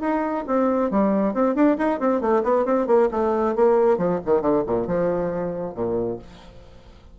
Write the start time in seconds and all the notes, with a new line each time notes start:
0.00 D#4
0.47 C4
0.90 G3
1.33 C4
1.55 D4
1.77 D#4
2.00 C4
2.21 A3
2.43 B3
2.65 C4
2.87 A#3
3.11 A3
3.55 A#3
3.97 F3
4.25 D#3
4.41 D3
4.66 A#2
4.87 F3
5.74 A#2